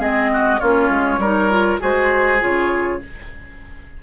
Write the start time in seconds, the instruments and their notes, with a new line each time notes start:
0.00 bassoon G#3, clarinet C4, oboe G#4, flute D#5
0.34 oboe F#4
0.60 bassoon A#3, clarinet C#4, oboe F4, flute C#5
0.90 bassoon G#3
1.18 bassoon G3, clarinet D#4, oboe A#4
1.51 clarinet F4
1.80 bassoon G#3, clarinet F#4, oboe G#4, flute C5
2.40 bassoon C#3, clarinet F4, flute C#5